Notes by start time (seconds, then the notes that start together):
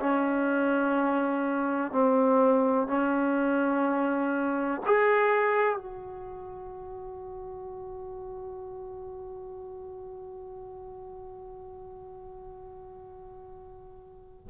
0.00 C#4
1.92 C4
2.88 C#4
4.86 G#4
5.77 F#4